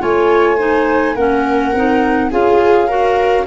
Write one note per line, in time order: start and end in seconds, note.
0.00 1.16 A3
0.00 0.58 F4
0.00 0.57 C#5
0.00 1.16 G#5
0.57 1.16 D#4
0.57 1.15 C5
1.16 1.74 A#3
1.16 1.75 C#4
1.16 2.31 A#4
1.16 2.31 F#5
1.74 2.31 C4
1.74 2.31 D#4
2.31 3.47 C#4
2.31 2.89 F4
2.31 2.88 G#4
2.31 3.47 F5
2.88 3.47 F#4
2.88 3.46 A#4